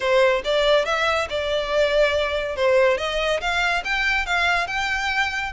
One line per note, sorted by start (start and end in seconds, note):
0.00 0.42 C5
0.44 0.85 D5
0.85 1.27 E5
1.29 2.56 D5
2.56 2.97 C5
2.97 3.40 D#5
3.40 3.83 F5
3.84 4.26 G5
4.26 4.67 F5
4.67 5.52 G5